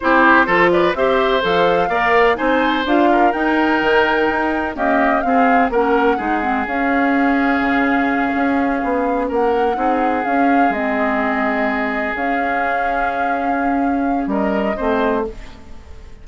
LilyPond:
<<
  \new Staff \with { instrumentName = "flute" } { \time 4/4 \tempo 4 = 126 c''4. d''8 e''4 f''4~ | f''4 gis''4 f''4 g''4~ | g''2 dis''4 f''4 | fis''2 f''2~ |
f''2.~ f''8 fis''8~ | fis''4. f''4 dis''4.~ | dis''4. f''2~ f''8~ | f''2 dis''2 | }
  \new Staff \with { instrumentName = "oboe" } { \time 4/4 g'4 a'8 b'8 c''2 | d''4 c''4. ais'4.~ | ais'2 g'4 gis'4 | ais'4 gis'2.~ |
gis'2.~ gis'8 ais'8~ | ais'8 gis'2.~ gis'8~ | gis'1~ | gis'2 ais'4 c''4 | }
  \new Staff \with { instrumentName = "clarinet" } { \time 4/4 e'4 f'4 g'4 a'4 | ais'4 dis'4 f'4 dis'4~ | dis'2 ais4 c'4 | cis'4 dis'8 c'8 cis'2~ |
cis'1~ | cis'8 dis'4 cis'4 c'4.~ | c'4. cis'2~ cis'8~ | cis'2. c'4 | }
  \new Staff \with { instrumentName = "bassoon" } { \time 4/4 c'4 f4 c'4 f4 | ais4 c'4 d'4 dis'4 | dis4 dis'4 cis'4 c'4 | ais4 gis4 cis'2 |
cis4. cis'4 b4 ais8~ | ais8 c'4 cis'4 gis4.~ | gis4. cis'2~ cis'8~ | cis'2 g4 a4 | }
>>